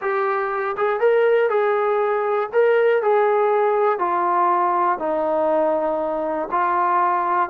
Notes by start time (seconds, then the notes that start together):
0.01 G4
0.77 G#4
1.00 A#4
1.49 G#4
2.52 A#4
3.02 G#4
3.98 F4
4.99 D#4
6.51 F4